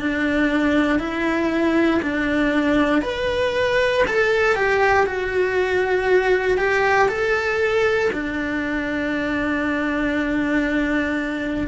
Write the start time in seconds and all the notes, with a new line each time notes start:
0.00 D4
0.99 E4
2.02 D4
3.02 B4
4.07 A4
4.55 G4
5.07 F#4
6.57 G4
7.08 A4
8.13 D4